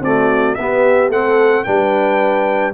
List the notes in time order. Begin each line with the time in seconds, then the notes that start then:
0.00 A3 C4 F#4 D5
0.54 B3 G4 E5
1.08 A3 C4 A4 F#5
1.64 G3 D4 B4 G5